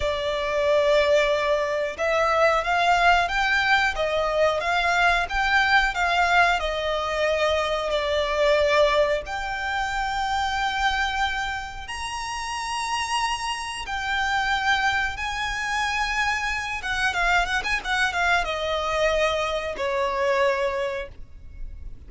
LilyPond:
\new Staff \with { instrumentName = "violin" } { \time 4/4 \tempo 4 = 91 d''2. e''4 | f''4 g''4 dis''4 f''4 | g''4 f''4 dis''2 | d''2 g''2~ |
g''2 ais''2~ | ais''4 g''2 gis''4~ | gis''4. fis''8 f''8 fis''16 gis''16 fis''8 f''8 | dis''2 cis''2 | }